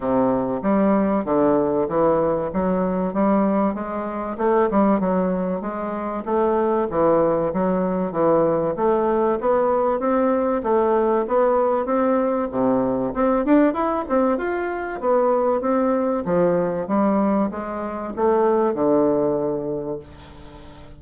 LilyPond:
\new Staff \with { instrumentName = "bassoon" } { \time 4/4 \tempo 4 = 96 c4 g4 d4 e4 | fis4 g4 gis4 a8 g8 | fis4 gis4 a4 e4 | fis4 e4 a4 b4 |
c'4 a4 b4 c'4 | c4 c'8 d'8 e'8 c'8 f'4 | b4 c'4 f4 g4 | gis4 a4 d2 | }